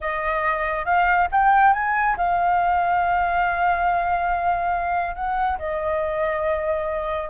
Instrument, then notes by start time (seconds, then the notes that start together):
flute
0.00 D#5
0.85 F5
1.31 G5
1.73 G#5
2.17 F5
5.15 F#5
5.58 D#5